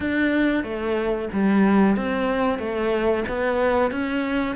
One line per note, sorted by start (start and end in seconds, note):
0.00 0.63 D4
0.63 1.28 A3
1.32 1.96 G3
1.96 2.58 C4
2.58 3.24 A3
3.28 3.91 B3
3.91 4.55 C#4